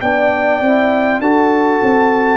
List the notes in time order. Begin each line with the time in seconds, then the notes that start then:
0.00 B3 D4 D5 G5
0.60 C4 E4
1.19 D4 F#4 A4 A5
1.81 C4